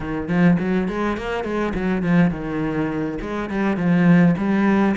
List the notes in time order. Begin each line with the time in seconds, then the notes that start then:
0.00 D#3
0.28 F3
0.59 F#3
0.88 G#3
1.17 A#3
1.44 G#3
1.74 F#3
2.02 F3
2.31 D#3
3.21 G#3
3.49 G3
3.77 F3
4.37 G3